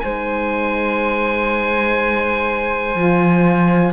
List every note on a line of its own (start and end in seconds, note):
0.00 2.96 G#3
0.00 2.96 D#4
0.00 3.94 C5
0.00 3.93 G#5
2.96 3.94 F3
2.96 3.94 F4